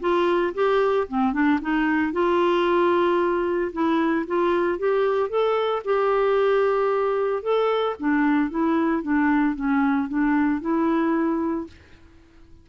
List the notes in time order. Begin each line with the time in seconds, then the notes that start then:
0.00 F4
0.54 G4
1.08 C4
1.33 D4
1.61 D#4
2.12 F4
3.73 E4
4.27 F4
4.79 G4
5.29 A4
5.85 G4
7.42 A4
7.99 D4
8.50 E4
9.02 D4
9.55 C#4
10.09 D4
10.61 E4